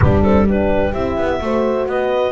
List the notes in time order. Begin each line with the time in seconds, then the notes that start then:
0.00 G3 B3 D4 G4
0.23 C4 A4
0.47 D4 G4 B4
0.93 C4 E4 E5
1.17 B3
1.40 A3 F#4 C5
1.86 B3 B4 D#5